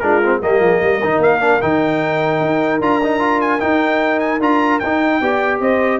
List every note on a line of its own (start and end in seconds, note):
0.00 0.41 G#3
0.00 0.23 D4
0.00 0.42 F4
0.00 0.40 A#4
0.23 0.42 C4
0.42 0.60 G3
0.42 1.02 A#3
0.42 0.62 G4
0.42 1.22 D#5
0.60 0.80 F3
0.60 0.82 G#4
0.81 1.01 G3
0.81 5.22 A#4
1.03 1.18 D#3
1.03 1.41 D#4
1.18 1.58 A#3
1.18 1.62 F5
1.41 1.61 D4
1.62 2.40 D#3
1.62 2.82 D#4
1.62 2.82 G5
2.40 2.80 D#4
2.81 3.61 D4
2.81 3.02 F4
2.81 3.41 A#5
3.04 3.20 D#4
3.20 3.60 F4
3.41 3.60 G#5
3.60 4.40 D#4
3.60 4.20 G5
4.20 4.40 G#5
4.40 4.80 D4
4.40 4.81 F4
4.40 4.79 A#5
4.79 5.21 D#4
4.79 5.22 D#4
4.79 5.59 G5
5.21 5.60 B3
5.21 6.00 G4
5.21 5.62 D5
5.60 6.00 C4
5.60 6.00 C5
5.60 6.00 D#5